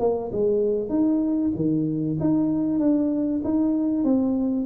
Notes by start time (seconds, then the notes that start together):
0.00 A#3
0.32 G#3
0.90 D#4
1.56 D#3
2.20 D#4
2.80 D4
3.45 D#4
4.04 C4